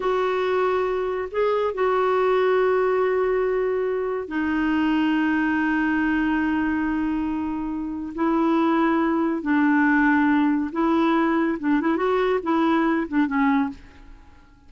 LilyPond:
\new Staff \with { instrumentName = "clarinet" } { \time 4/4 \tempo 4 = 140 fis'2. gis'4 | fis'1~ | fis'2 dis'2~ | dis'1~ |
dis'2. e'4~ | e'2 d'2~ | d'4 e'2 d'8 e'8 | fis'4 e'4. d'8 cis'4 | }